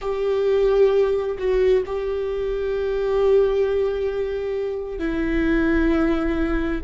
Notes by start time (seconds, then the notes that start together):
0.01 G4
1.38 F#4
1.86 G4
4.98 E4